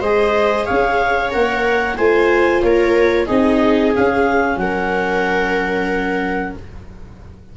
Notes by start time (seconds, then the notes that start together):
0.00 G#3 G#4 C5 D#5
0.65 C#4 C#5 F5
1.31 A#3 A#4 F#5
1.96 A3 F4 C5 G#5
2.62 A#3 A#4 C#5
3.26 C4 D#4 G#4 D#5
3.95 C#4 F5
4.57 F#3 A#4 F#5